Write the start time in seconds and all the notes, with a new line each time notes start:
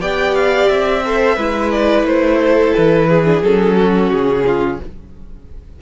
0.00 B3 G4 D5 G5
0.35 F5
0.68 C4 E5
1.05 A4 C5
1.36 G#3 E4 B4
1.71 D5
2.03 A3 C5
2.41 A4
2.74 E3 B4
3.09 G#4
3.25 D4
3.42 F#3 C#4 A4
3.76 F#4
4.11 C#3 G#4
4.46 F4